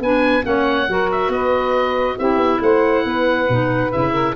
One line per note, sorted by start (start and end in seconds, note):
0.00 0.43 B3
0.00 0.43 D4
0.00 0.45 B4
0.00 0.45 G#5
0.43 0.88 A#3
0.43 0.86 C#4
0.43 0.88 C#5
0.43 1.11 F#5
0.88 1.28 F#3
0.88 2.20 F#4
0.88 1.32 A#4
1.11 1.32 E5
1.28 2.15 B3
1.28 2.16 B4
1.28 2.19 D#5
2.16 2.37 C4
2.16 3.50 E4
2.16 2.60 G4
2.16 2.62 E5
2.37 2.59 B3
2.62 3.05 A3
2.62 3.05 C5
2.62 3.92 F#5
3.05 3.48 B3
3.05 4.12 B4
3.49 3.92 B2
3.49 3.92 D#4
3.92 4.36 C#3
3.92 4.35 E4
3.92 4.36 E5
4.12 4.34 A#4